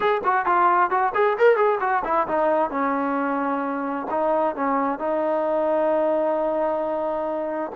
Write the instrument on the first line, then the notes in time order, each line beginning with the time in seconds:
trombone
0.00 G#4
0.24 F#4
0.45 F4
0.90 F#4
1.14 G#4
1.38 A#4
1.56 G#4
1.80 F#4
2.04 E4
2.27 D#4
2.70 C#4
4.10 D#4
4.55 C#4
4.99 D#4